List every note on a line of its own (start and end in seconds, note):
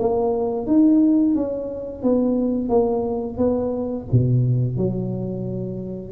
0.00 0.67 A#3
0.67 1.35 D#4
1.35 2.03 C#4
2.03 2.70 B3
2.70 3.38 A#3
3.38 4.06 B3
4.12 4.78 B2
4.78 6.12 F#3